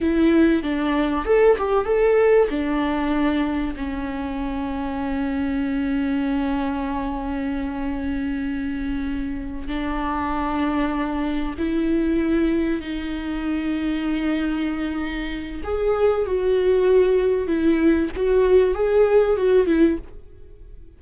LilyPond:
\new Staff \with { instrumentName = "viola" } { \time 4/4 \tempo 4 = 96 e'4 d'4 a'8 g'8 a'4 | d'2 cis'2~ | cis'1~ | cis'2.~ cis'8 d'8~ |
d'2~ d'8 e'4.~ | e'8 dis'2.~ dis'8~ | dis'4 gis'4 fis'2 | e'4 fis'4 gis'4 fis'8 e'8 | }